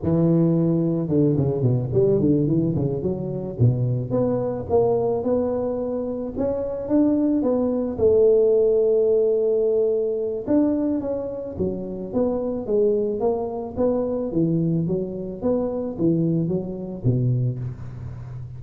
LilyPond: \new Staff \with { instrumentName = "tuba" } { \time 4/4 \tempo 4 = 109 e2 d8 cis8 b,8 g8 | d8 e8 cis8 fis4 b,4 b8~ | b8 ais4 b2 cis'8~ | cis'8 d'4 b4 a4.~ |
a2. d'4 | cis'4 fis4 b4 gis4 | ais4 b4 e4 fis4 | b4 e4 fis4 b,4 | }